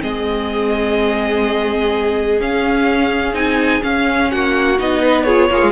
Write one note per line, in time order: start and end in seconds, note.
0.00 2.40 G#3
0.00 2.38 C4
0.00 4.30 G#4
0.00 2.40 D#5
2.40 3.34 C#4
2.40 3.33 C#4
2.40 3.35 F5
3.33 3.80 C4
3.33 3.81 D#4
3.33 3.83 G#5
3.81 4.76 C#4
3.81 4.32 C#4
3.81 4.31 F5
4.31 4.79 A#3
4.31 5.02 F#4
4.31 4.78 F#5
4.78 5.50 B3
4.78 5.26 D#4
4.78 5.23 D#5
5.02 5.25 B4
5.23 5.51 F4
5.23 5.49 G#4
5.23 5.71 C#5
5.50 5.62 A#3
5.50 5.71 F4
5.50 5.71 G#4
5.62 5.71 G#3